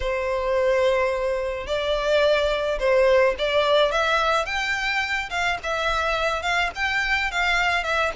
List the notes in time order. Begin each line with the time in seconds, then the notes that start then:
0.00 C5
1.66 D5
2.79 C5
3.38 D5
3.91 E5
4.45 G5
5.30 F5
5.63 E5
6.42 F5
6.75 G5
7.31 F5
7.83 E5